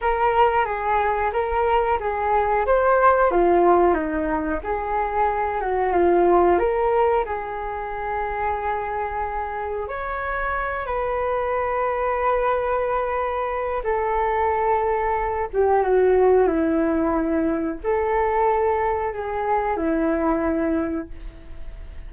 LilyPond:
\new Staff \with { instrumentName = "flute" } { \time 4/4 \tempo 4 = 91 ais'4 gis'4 ais'4 gis'4 | c''4 f'4 dis'4 gis'4~ | gis'8 fis'8 f'4 ais'4 gis'4~ | gis'2. cis''4~ |
cis''8 b'2.~ b'8~ | b'4 a'2~ a'8 g'8 | fis'4 e'2 a'4~ | a'4 gis'4 e'2 | }